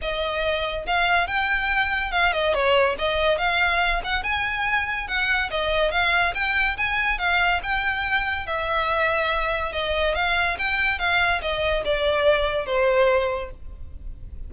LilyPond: \new Staff \with { instrumentName = "violin" } { \time 4/4 \tempo 4 = 142 dis''2 f''4 g''4~ | g''4 f''8 dis''8 cis''4 dis''4 | f''4. fis''8 gis''2 | fis''4 dis''4 f''4 g''4 |
gis''4 f''4 g''2 | e''2. dis''4 | f''4 g''4 f''4 dis''4 | d''2 c''2 | }